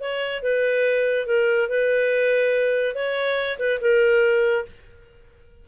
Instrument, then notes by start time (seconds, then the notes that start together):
clarinet
0.00 C#5
0.42 B4
1.26 A#4
1.68 B4
2.94 C#5
3.58 B4
3.80 A#4